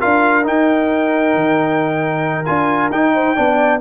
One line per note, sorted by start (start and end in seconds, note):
0.00 0.48 D4
0.00 0.44 F4
0.00 3.14 A#4
0.00 0.45 F5
0.44 2.45 D#4
0.44 1.35 D#4
0.44 2.46 G5
1.35 2.47 D#3
2.46 2.90 D4
2.46 2.91 F4
2.46 2.90 G#5
2.90 3.35 D#4
2.90 3.36 D#4
2.90 3.81 G5
3.14 3.36 C5
3.36 3.82 B3
3.36 3.80 D4
3.36 3.81 D5